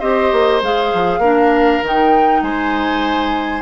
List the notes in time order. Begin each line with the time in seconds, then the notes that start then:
0.00 C4 G4 C5 D#5
0.32 A#3
0.62 G#3 G#4 F5
0.94 F3
1.19 A#3 D4 A#4
1.83 D#3 D#4 G5
2.42 G#3 C5 G#5